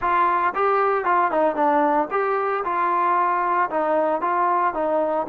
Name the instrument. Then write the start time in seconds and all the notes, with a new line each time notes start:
trombone
0.01 F4
0.54 G4
1.04 F4
1.31 D#4
1.55 D4
2.11 G4
2.64 F4
3.70 D#4
4.21 F4
4.74 D#4